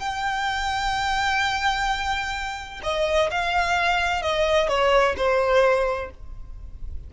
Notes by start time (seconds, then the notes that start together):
0.00 G5
2.83 D#5
3.31 F5
4.22 D#5
4.69 C#5
5.17 C5